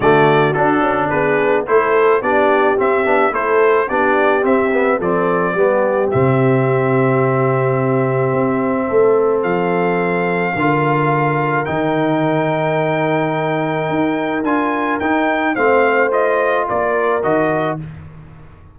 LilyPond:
<<
  \new Staff \with { instrumentName = "trumpet" } { \time 4/4 \tempo 4 = 108 d''4 a'4 b'4 c''4 | d''4 e''4 c''4 d''4 | e''4 d''2 e''4~ | e''1~ |
e''4 f''2.~ | f''4 g''2.~ | g''2 gis''4 g''4 | f''4 dis''4 d''4 dis''4 | }
  \new Staff \with { instrumentName = "horn" } { \time 4/4 fis'2 gis'4 a'4 | g'2 a'4 g'4~ | g'4 a'4 g'2~ | g'1 |
a'2. ais'4~ | ais'1~ | ais'1 | c''2 ais'2 | }
  \new Staff \with { instrumentName = "trombone" } { \time 4/4 a4 d'2 e'4 | d'4 c'8 d'8 e'4 d'4 | c'8 b8 c'4 b4 c'4~ | c'1~ |
c'2. f'4~ | f'4 dis'2.~ | dis'2 f'4 dis'4 | c'4 f'2 fis'4 | }
  \new Staff \with { instrumentName = "tuba" } { \time 4/4 d4 d'8 cis'8 b4 a4 | b4 c'8 b8 a4 b4 | c'4 f4 g4 c4~ | c2. c'4 |
a4 f2 d4~ | d4 dis2.~ | dis4 dis'4 d'4 dis'4 | a2 ais4 dis4 | }
>>